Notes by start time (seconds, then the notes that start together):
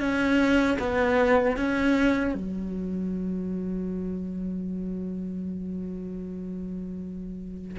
0.00 C#4
0.79 B3
1.57 C#4
2.34 F#3